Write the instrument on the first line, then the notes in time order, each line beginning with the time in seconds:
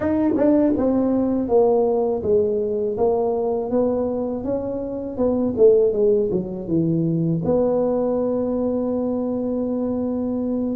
tuba
0.00 D#4
0.36 D4
0.76 C4
1.48 A#3
2.22 G#3
2.97 A#3
3.70 B3
4.44 C#4
5.17 B3
5.57 A3
5.93 G#3
6.31 F#3
6.67 E3
7.44 B3